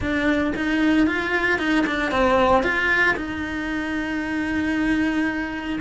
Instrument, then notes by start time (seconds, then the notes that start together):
cello
0.00 D4
0.56 D#4
1.06 F4
1.58 D#4
1.86 D4
2.11 C4
2.63 F4
3.16 D#4